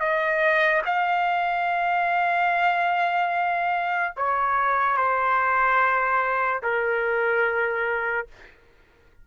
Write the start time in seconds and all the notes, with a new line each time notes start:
0.00 D#5
0.86 F5
4.17 C#5
4.97 C5
6.63 A#4